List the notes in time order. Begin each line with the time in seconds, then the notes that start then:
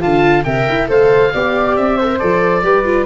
0.00 D3 F4 F5 A5
0.44 C3 A#4 E5 G5
0.69 E4
0.88 A3 A4 C5 F5
1.33 B3 G4 D5
1.76 C4 E5
1.97 A4 C5
2.07 A#4
2.19 F3 A4 D5
2.63 G3 G4 B4
2.85 F4